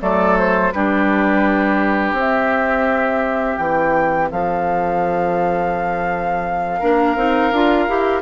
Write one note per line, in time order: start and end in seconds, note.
0.00 0.72 F#3
0.00 0.71 A3
0.00 0.73 A4
0.00 0.37 D5
0.38 0.72 C5
0.72 2.12 G3
0.72 2.17 D4
0.72 4.30 G4
0.72 2.14 B4
2.12 3.55 C4
2.12 6.81 C4
2.19 3.57 E5
3.57 4.29 E3
3.57 4.29 G5
4.30 6.81 F3
4.30 6.79 A4
4.30 8.21 F5
6.79 7.16 A#3
6.79 7.16 D4
6.79 8.21 A#4
7.16 7.51 C4
7.16 7.52 D#4
7.51 7.87 D4
7.51 7.88 F4
7.88 8.21 E4
7.88 8.21 G4